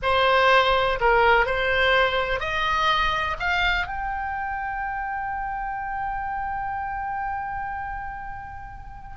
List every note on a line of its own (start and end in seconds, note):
0.02 0.99 C5
1.00 1.46 A#4
1.46 2.40 C5
2.40 3.36 D#5
3.39 3.86 F5
3.86 9.17 G5